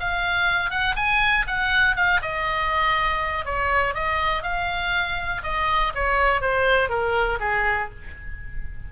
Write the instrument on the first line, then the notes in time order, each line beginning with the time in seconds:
oboe
0.00 F5
0.70 F#5
0.96 G#5
1.47 F#5
1.96 F5
2.22 D#5
3.45 C#5
3.94 D#5
4.42 F5
5.43 D#5
5.95 C#5
6.41 C5
6.89 A#4
7.40 G#4